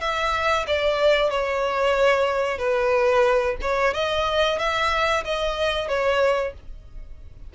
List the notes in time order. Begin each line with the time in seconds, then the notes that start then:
0.00 E5
0.66 D5
1.30 C#5
2.58 B4
3.61 C#5
3.93 D#5
4.58 E5
5.24 D#5
5.88 C#5